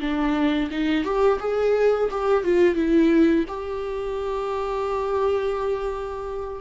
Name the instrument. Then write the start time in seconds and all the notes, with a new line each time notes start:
viola
0.00 D4
0.71 D#4
1.04 G4
1.40 G#4
2.11 G4
2.44 F4
2.75 E4
3.48 G4